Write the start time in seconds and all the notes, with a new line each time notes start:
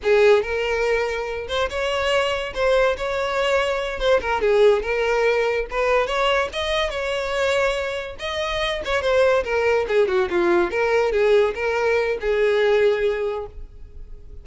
0.03 G#4
0.42 A#4
1.48 C5
1.69 C#5
2.54 C5
2.97 C#5
3.99 C5
4.21 A#4
4.41 G#4
4.82 A#4
5.70 B4
6.06 C#5
6.52 D#5
6.90 C#5
8.19 D#5
8.84 C#5
9.01 C5
9.44 A#4
9.88 G#4
10.07 F#4
10.29 F4
10.71 A#4
11.12 G#4
11.55 A#4
12.20 G#4